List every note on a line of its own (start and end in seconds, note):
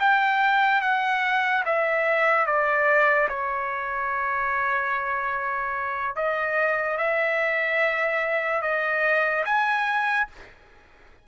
0.00 0.81 G5
0.81 1.64 F#5
1.66 2.46 E5
2.46 3.28 D5
3.29 6.16 C#5
6.16 6.97 D#5
6.97 8.62 E5
8.62 9.44 D#5
9.45 10.27 G#5